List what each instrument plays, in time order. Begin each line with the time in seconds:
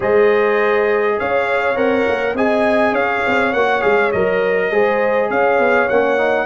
0.00 tuba G#3, trombone G#4, horn C5, trumpet D#5
1.18 tuba C#4, horn C#5, trumpet F5
1.75 tuba C4, trombone A#4, trumpet F#5
2.07 tuba A#3
2.33 tuba C4, trombone G#4, horn D#5, trumpet G#5
2.92 tuba C#4, horn C#5, trumpet F5
3.26 tuba C4
3.53 tuba A#3, trombone F#4, trumpet F#5
3.81 tuba G#3, trombone G#4, trumpet F5
4.12 tuba F#3, trombone A#4, trumpet D#5
4.71 tuba G#3, trombone G#4, horn C5
5.30 tuba C#4, horn C#5, trumpet F5
5.58 tuba B3
5.88 tuba A#3, trombone C#4, trumpet F#5
6.17 trombone D#4